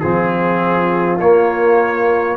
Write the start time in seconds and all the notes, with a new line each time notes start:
0.00 F3 C4 F4 G#4
1.19 A#3 C#5